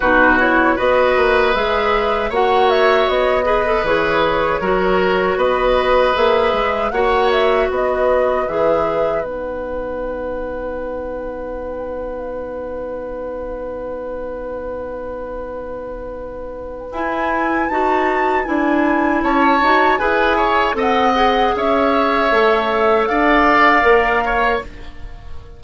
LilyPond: <<
  \new Staff \with { instrumentName = "flute" } { \time 4/4 \tempo 4 = 78 b'8 cis''8 dis''4 e''4 fis''8 e''8 | dis''4 cis''2 dis''4 | e''4 fis''8 e''8 dis''4 e''4 | fis''1~ |
fis''1~ | fis''2 gis''4 a''4 | gis''4 a''4 gis''4 fis''4 | e''2 f''2 | }
  \new Staff \with { instrumentName = "oboe" } { \time 4/4 fis'4 b'2 cis''4~ | cis''8 b'4. ais'4 b'4~ | b'4 cis''4 b'2~ | b'1~ |
b'1~ | b'1~ | b'4 cis''4 b'8 cis''8 dis''4 | cis''2 d''4. cis''8 | }
  \new Staff \with { instrumentName = "clarinet" } { \time 4/4 dis'8 e'8 fis'4 gis'4 fis'4~ | fis'8 gis'16 a'16 gis'4 fis'2 | gis'4 fis'2 gis'4 | dis'1~ |
dis'1~ | dis'2 e'4 fis'4 | e'4. fis'8 gis'4 a'8 gis'8~ | gis'4 a'2 ais'4 | }
  \new Staff \with { instrumentName = "bassoon" } { \time 4/4 b,4 b8 ais8 gis4 ais4 | b4 e4 fis4 b4 | ais8 gis8 ais4 b4 e4 | b1~ |
b1~ | b2 e'4 dis'4 | d'4 cis'8 dis'8 e'4 c'4 | cis'4 a4 d'4 ais4 | }
>>